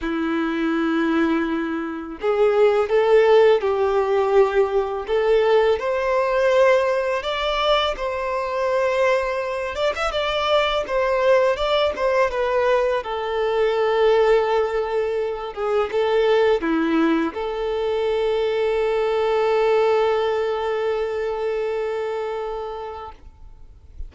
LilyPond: \new Staff \with { instrumentName = "violin" } { \time 4/4 \tempo 4 = 83 e'2. gis'4 | a'4 g'2 a'4 | c''2 d''4 c''4~ | c''4. d''16 e''16 d''4 c''4 |
d''8 c''8 b'4 a'2~ | a'4. gis'8 a'4 e'4 | a'1~ | a'1 | }